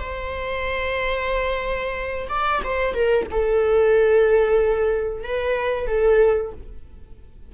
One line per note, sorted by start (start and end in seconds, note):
0.00 2.28 C5
2.29 2.62 D5
2.64 2.95 C5
2.95 3.27 A#4
3.32 5.24 A4
5.24 5.88 B4
5.88 6.53 A4